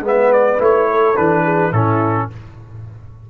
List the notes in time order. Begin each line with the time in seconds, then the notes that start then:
0.00 G#3 B3 B4
0.07 E5
0.32 D5
0.58 A3 E4 C#5
0.89 A4
1.16 E3 D4 B4
1.43 G#4
1.71 A2 C#4 E4 A4